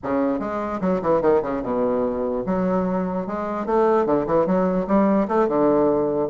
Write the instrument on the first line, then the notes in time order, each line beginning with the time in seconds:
bassoon
0.03 C#3
0.39 G#3
0.81 F#3
1.02 E3
1.21 D#3
1.42 C#3
1.62 B2
2.46 F#3
3.26 G#3
3.65 A3
4.06 D3
4.26 E3
4.46 F#3
4.87 G3
5.28 A3
5.48 D3